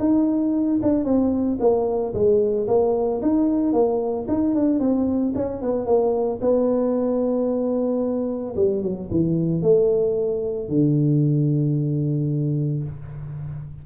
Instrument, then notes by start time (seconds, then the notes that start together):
tuba
0.00 D#4
0.83 D4
1.05 C4
1.60 A#3
2.14 G#3
2.68 A#3
3.22 D#4
3.73 A#3
4.28 D#4
4.55 D4
4.80 C4
5.35 C#4
5.62 B3
5.86 A#3
6.41 B3
8.56 G3
8.83 F#3
9.11 E3
9.62 A3
10.69 D3